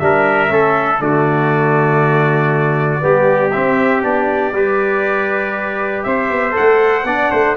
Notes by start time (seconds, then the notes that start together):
0.00 G3 D4 A#4 E5
0.49 A3 C#4 A4
1.00 D3 A3 F#4 D5
3.00 G3 B3 G4
3.52 C4 E5
4.03 B3 D4 D5
4.53 G3 G4 B4
6.04 C4 C5 E5
6.31 B3
6.52 A4 F#5
6.59 A3
7.05 B3 D4 D5
7.31 A3 C5